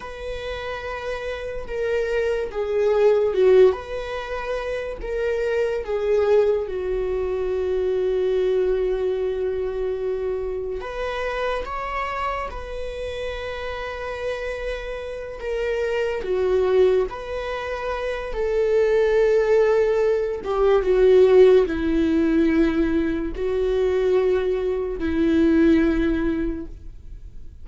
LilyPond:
\new Staff \with { instrumentName = "viola" } { \time 4/4 \tempo 4 = 72 b'2 ais'4 gis'4 | fis'8 b'4. ais'4 gis'4 | fis'1~ | fis'4 b'4 cis''4 b'4~ |
b'2~ b'8 ais'4 fis'8~ | fis'8 b'4. a'2~ | a'8 g'8 fis'4 e'2 | fis'2 e'2 | }